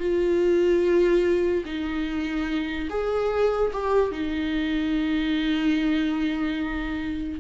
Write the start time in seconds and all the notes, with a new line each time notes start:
0.00 F4
1.66 D#4
2.90 G#4
3.73 G4
4.12 D#4